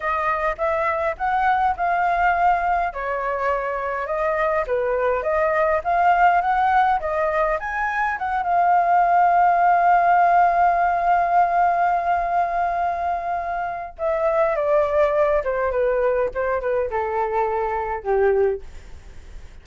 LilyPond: \new Staff \with { instrumentName = "flute" } { \time 4/4 \tempo 4 = 103 dis''4 e''4 fis''4 f''4~ | f''4 cis''2 dis''4 | b'4 dis''4 f''4 fis''4 | dis''4 gis''4 fis''8 f''4.~ |
f''1~ | f''1 | e''4 d''4. c''8 b'4 | c''8 b'8 a'2 g'4 | }